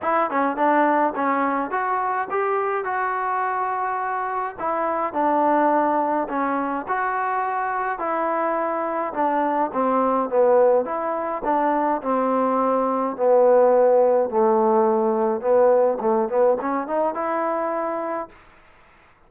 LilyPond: \new Staff \with { instrumentName = "trombone" } { \time 4/4 \tempo 4 = 105 e'8 cis'8 d'4 cis'4 fis'4 | g'4 fis'2. | e'4 d'2 cis'4 | fis'2 e'2 |
d'4 c'4 b4 e'4 | d'4 c'2 b4~ | b4 a2 b4 | a8 b8 cis'8 dis'8 e'2 | }